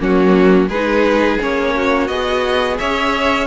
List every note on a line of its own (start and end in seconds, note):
0.00 0.68 F#3
0.00 0.70 A#3
0.00 0.69 C#4
0.00 0.69 F#4
0.68 1.38 G#3
0.68 1.74 G#4
0.68 1.39 B4
0.75 1.40 D#4
1.40 2.09 A#3
1.40 2.10 C#4
1.40 2.08 C#5
1.76 2.79 F#4
2.08 2.79 B3
2.08 3.48 G#4
2.08 2.78 D#5
2.79 3.48 C#4
2.79 3.48 C#5
2.79 3.48 E5